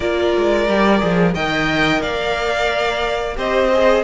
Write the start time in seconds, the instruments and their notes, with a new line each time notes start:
0.00 cello A#3, viola F4, violin A#4 D5
0.37 cello G#3
0.68 cello G3, viola G4
1.00 cello F3, viola G#4
1.34 cello D#3, viola A#4, violin D#5 G5
2.01 cello A#3, violin D5 F5
3.35 cello C4, viola G4, violin C5 D#5
3.73 viola G#4